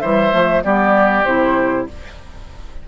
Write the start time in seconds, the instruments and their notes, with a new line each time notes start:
0.00 bassoon E3, clarinet G3, oboe C5, flute E5
0.31 bassoon F3, clarinet A3
0.63 bassoon G3, clarinet B3, oboe G4, flute D5
1.24 bassoon C3, clarinet E4, flute C5